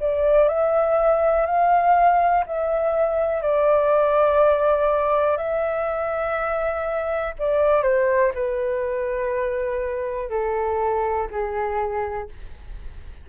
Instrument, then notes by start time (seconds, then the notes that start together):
flute
0.00 D5
0.49 E5
1.46 F5
2.47 E5
3.42 D5
5.37 E5
7.39 D5
7.83 C5
8.35 B4
10.30 A4
11.31 G#4